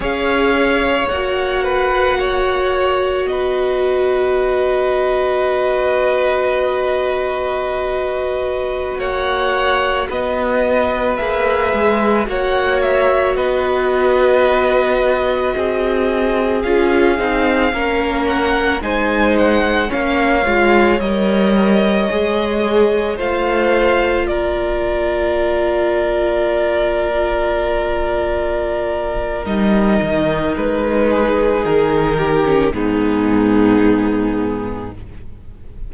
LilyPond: <<
  \new Staff \with { instrumentName = "violin" } { \time 4/4 \tempo 4 = 55 f''4 fis''2 dis''4~ | dis''1~ | dis''16 fis''4 dis''4 e''4 fis''8 e''16~ | e''16 dis''2. f''8.~ |
f''8. fis''8 gis''8 fis''8 f''4 dis''8.~ | dis''4~ dis''16 f''4 d''4.~ d''16~ | d''2. dis''4 | b'4 ais'4 gis'2 | }
  \new Staff \with { instrumentName = "violin" } { \time 4/4 cis''4. b'8 cis''4 b'4~ | b'1~ | b'16 cis''4 b'2 cis''8.~ | cis''16 b'2 gis'4.~ gis'16~ |
gis'16 ais'4 c''4 cis''4.~ cis''16~ | cis''4~ cis''16 c''4 ais'4.~ ais'16~ | ais'1~ | ais'8 gis'4 g'8 dis'2 | }
  \new Staff \with { instrumentName = "viola" } { \time 4/4 gis'4 fis'2.~ | fis'1~ | fis'2~ fis'16 gis'4 fis'8.~ | fis'2.~ fis'16 f'8 dis'16~ |
dis'16 cis'4 dis'4 cis'8 f'8 ais'8.~ | ais'16 gis'4 f'2~ f'8.~ | f'2. dis'4~ | dis'4.~ dis'16 cis'16 b2 | }
  \new Staff \with { instrumentName = "cello" } { \time 4/4 cis'4 ais2 b4~ | b1~ | b16 ais4 b4 ais8 gis8 ais8.~ | ais16 b2 c'4 cis'8 c'16~ |
c'16 ais4 gis4 ais8 gis8 g8.~ | g16 gis4 a4 ais4.~ ais16~ | ais2. g8 dis8 | gis4 dis4 gis,2 | }
>>